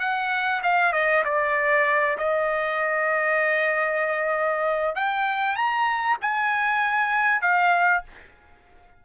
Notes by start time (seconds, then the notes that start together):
0.00 F#5
0.64 F5
0.93 D#5
1.25 D5
2.18 D#5
4.96 G5
5.56 A#5
6.22 G#5
7.42 F5